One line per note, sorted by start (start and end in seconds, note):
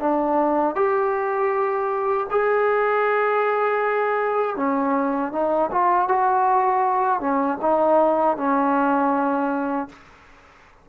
0.00 0.75 D4
0.75 2.27 G4
2.31 4.56 G#4
4.56 5.32 C#4
5.32 5.70 D#4
5.71 6.08 F4
6.08 7.20 F#4
7.20 7.58 C#4
7.61 8.37 D#4
8.37 9.89 C#4